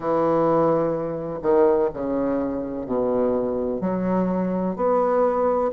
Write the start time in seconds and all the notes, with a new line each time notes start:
0.00 E3
1.42 D#3
1.93 C#3
2.86 B2
3.81 F#3
4.76 B3